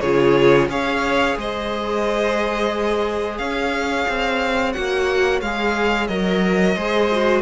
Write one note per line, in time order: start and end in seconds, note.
0.00 0.68 C#3
0.00 0.69 F4
0.00 0.68 G#4
0.00 0.67 C#5
0.68 1.36 C#4
0.68 4.74 G#4
0.68 1.37 C#5
0.68 1.38 F5
1.37 3.39 G#3
1.37 3.40 C5
1.37 3.37 D#5
3.37 4.06 C#4
3.37 6.76 C#5
3.37 4.72 F5
4.08 4.75 C4
4.72 5.41 A#3
4.72 5.42 F#4
4.72 5.40 F#5
5.41 6.08 G#3
5.41 6.09 G#4
5.41 6.07 F5
6.07 6.76 F#3
6.07 6.76 A#4
6.07 7.42 D#5
6.76 7.42 G#3
6.76 7.10 G#4
6.76 7.42 C5
7.11 7.42 F#4